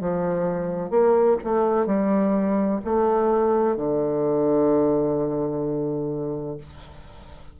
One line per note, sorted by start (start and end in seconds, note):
0.00 0.90 F3
0.90 1.37 A#3
1.44 1.86 A3
1.86 2.80 G3
2.84 3.76 A3
3.76 6.57 D3